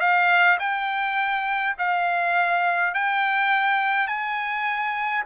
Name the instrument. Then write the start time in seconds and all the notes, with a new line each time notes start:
trumpet
0.00 F5
0.59 G5
1.78 F5
2.94 G5
4.08 G#5